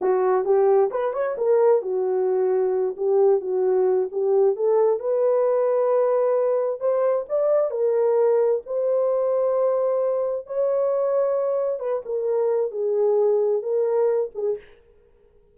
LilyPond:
\new Staff \with { instrumentName = "horn" } { \time 4/4 \tempo 4 = 132 fis'4 g'4 b'8 cis''8 ais'4 | fis'2~ fis'8 g'4 fis'8~ | fis'4 g'4 a'4 b'4~ | b'2. c''4 |
d''4 ais'2 c''4~ | c''2. cis''4~ | cis''2 b'8 ais'4. | gis'2 ais'4. gis'8 | }